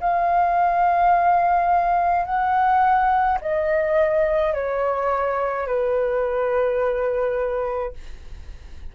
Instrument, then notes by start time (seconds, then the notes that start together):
flute
0.00 F5
2.25 F#5
3.41 D#5
4.53 C#5
5.67 B4